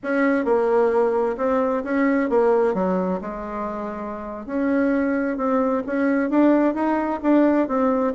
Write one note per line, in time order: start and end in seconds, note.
0.03 0.45 C#4
0.45 1.36 A#3
1.37 1.83 C4
1.84 2.29 C#4
2.29 2.74 A#3
2.74 3.19 F#3
3.21 4.45 G#3
4.45 5.37 C#4
5.37 5.83 C4
5.86 6.30 C#4
6.30 6.74 D4
6.74 7.20 D#4
7.22 7.68 D4
7.68 8.13 C4